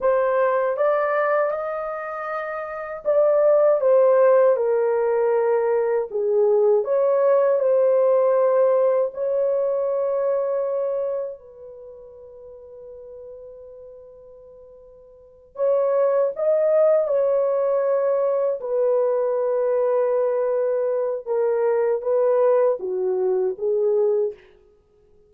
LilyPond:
\new Staff \with { instrumentName = "horn" } { \time 4/4 \tempo 4 = 79 c''4 d''4 dis''2 | d''4 c''4 ais'2 | gis'4 cis''4 c''2 | cis''2. b'4~ |
b'1~ | b'8 cis''4 dis''4 cis''4.~ | cis''8 b'2.~ b'8 | ais'4 b'4 fis'4 gis'4 | }